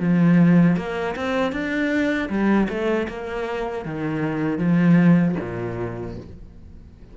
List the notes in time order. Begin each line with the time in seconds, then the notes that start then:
0.00 F3
0.77 A#3
1.16 C4
1.52 D4
2.30 G3
2.70 A3
3.09 A#3
3.85 D#3
4.59 F3
5.41 A#2